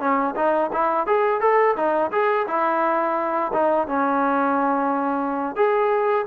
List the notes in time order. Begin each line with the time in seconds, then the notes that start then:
0.00 C#4
0.36 D#4
0.73 E4
1.07 G#4
1.40 A4
1.76 D#4
2.12 G#4
2.47 E4
3.53 D#4
3.88 C#4
5.56 G#4